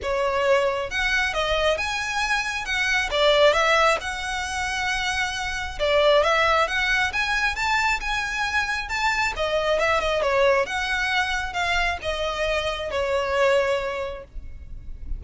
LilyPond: \new Staff \with { instrumentName = "violin" } { \time 4/4 \tempo 4 = 135 cis''2 fis''4 dis''4 | gis''2 fis''4 d''4 | e''4 fis''2.~ | fis''4 d''4 e''4 fis''4 |
gis''4 a''4 gis''2 | a''4 dis''4 e''8 dis''8 cis''4 | fis''2 f''4 dis''4~ | dis''4 cis''2. | }